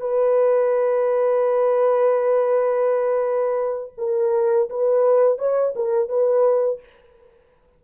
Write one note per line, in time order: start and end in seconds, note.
0.00 3.93 B4
3.97 4.69 A#4
4.69 5.38 B4
5.38 5.74 C#5
5.75 6.08 A#4
6.08 6.80 B4